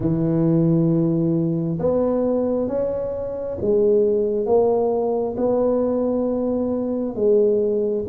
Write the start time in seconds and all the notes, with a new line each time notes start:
0.00 E3
1.79 B3
2.67 C#4
3.61 G#3
4.45 A#3
5.37 B3
7.15 G#3